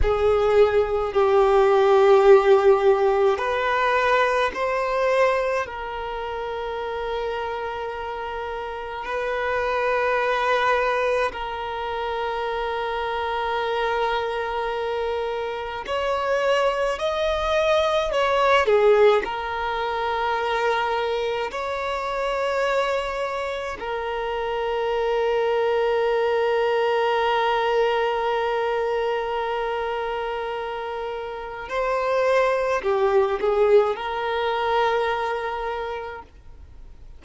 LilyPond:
\new Staff \with { instrumentName = "violin" } { \time 4/4 \tempo 4 = 53 gis'4 g'2 b'4 | c''4 ais'2. | b'2 ais'2~ | ais'2 cis''4 dis''4 |
cis''8 gis'8 ais'2 cis''4~ | cis''4 ais'2.~ | ais'1 | c''4 g'8 gis'8 ais'2 | }